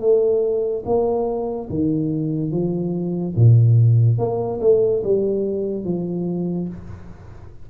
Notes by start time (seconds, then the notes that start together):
0.00 A3
0.85 A#3
1.69 D#3
2.51 F3
3.35 A#2
4.18 A#3
4.61 A3
5.03 G3
5.84 F3